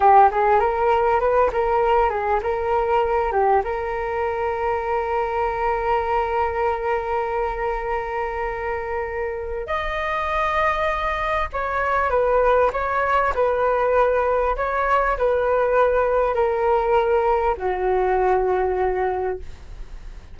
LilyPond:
\new Staff \with { instrumentName = "flute" } { \time 4/4 \tempo 4 = 99 g'8 gis'8 ais'4 b'8 ais'4 gis'8 | ais'4. g'8 ais'2~ | ais'1~ | ais'1 |
dis''2. cis''4 | b'4 cis''4 b'2 | cis''4 b'2 ais'4~ | ais'4 fis'2. | }